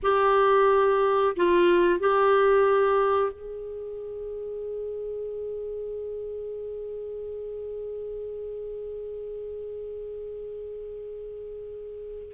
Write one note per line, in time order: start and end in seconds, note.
0.02 1.36 G4
1.36 1.99 F4
1.99 3.32 G4
3.32 12.32 G#4